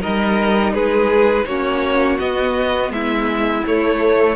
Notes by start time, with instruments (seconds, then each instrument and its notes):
0.00 cello G3, viola D#4, violin A#4 D#5
0.73 cello G#3, violin G#4 B4
1.46 cello A#3, viola C#4, violin F#4 C#5
2.19 viola B3, cello B3, violin D#5
2.90 cello G#3, violin E4 E5
3.67 cello A3, viola A3, violin C#5